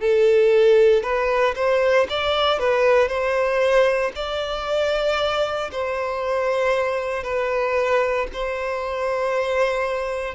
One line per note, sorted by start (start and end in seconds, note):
0.00 1.03 A4
1.03 1.55 B4
1.56 2.07 C5
2.10 2.59 D5
2.59 3.08 B4
3.08 4.11 C5
4.15 5.70 D5
5.72 7.24 C5
7.24 8.27 B4
8.33 10.34 C5